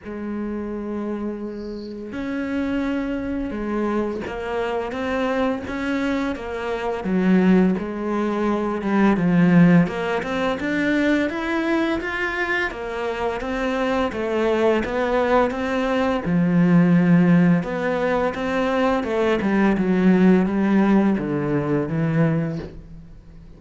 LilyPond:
\new Staff \with { instrumentName = "cello" } { \time 4/4 \tempo 4 = 85 gis2. cis'4~ | cis'4 gis4 ais4 c'4 | cis'4 ais4 fis4 gis4~ | gis8 g8 f4 ais8 c'8 d'4 |
e'4 f'4 ais4 c'4 | a4 b4 c'4 f4~ | f4 b4 c'4 a8 g8 | fis4 g4 d4 e4 | }